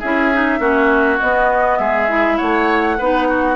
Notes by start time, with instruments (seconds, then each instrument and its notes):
0.00 bassoon C#4, clarinet E4, oboe G#4, flute E5
0.34 clarinet D#4
0.60 bassoon A#3, clarinet C#4, oboe F#4
1.20 bassoon B3, clarinet B3, flute D#5
1.79 bassoon G#3, oboe G#4, flute E5
2.09 clarinet E4
2.37 bassoon A3, oboe C#5, flute F#5
2.98 bassoon B3, clarinet D#4, oboe B4
3.29 oboe F#4